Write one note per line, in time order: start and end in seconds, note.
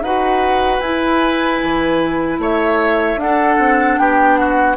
0.00 0.79 D#4
0.00 0.82 F#4
0.00 2.40 B4
0.00 0.80 F#5
0.79 1.58 E4
0.79 3.19 E4
0.79 2.38 G#5
1.63 2.38 E3
2.38 3.16 A3
2.38 3.20 C#5
2.38 3.20 E5
3.16 3.56 D4
3.16 4.76 D4
3.16 3.98 F#5
3.22 4.00 A4
3.58 3.98 C4
3.98 4.76 B3
3.98 4.39 G4
3.98 4.36 G5
4.36 4.76 F#4
4.36 4.75 F#5